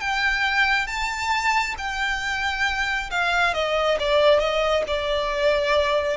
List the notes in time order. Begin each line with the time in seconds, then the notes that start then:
0.00 G5
0.87 A5
1.78 G5
3.10 F5
3.53 D#5
3.99 D5
4.39 D#5
4.87 D5